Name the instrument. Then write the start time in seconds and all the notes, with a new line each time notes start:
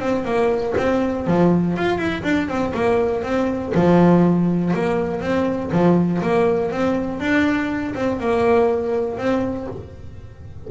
double bass
0.00 C4
0.25 A#3
0.78 C4
1.27 F3
1.77 F4
1.98 E4
2.24 D4
2.48 C4
2.74 A#3
3.23 C4
3.75 F3
4.74 A#3
5.21 C4
5.72 F3
6.22 A#3
6.72 C4
7.20 D4
7.95 C4
8.20 A#3
9.18 C4